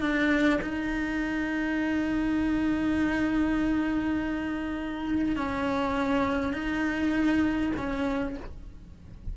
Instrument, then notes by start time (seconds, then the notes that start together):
cello
0.00 D4
0.62 D#4
5.36 C#4
6.53 D#4
7.77 C#4